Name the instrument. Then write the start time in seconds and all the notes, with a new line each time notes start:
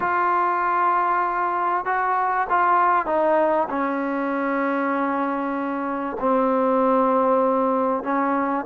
trombone
0.00 F4
1.85 F#4
2.49 F4
3.06 D#4
3.69 C#4
6.19 C4
8.03 C#4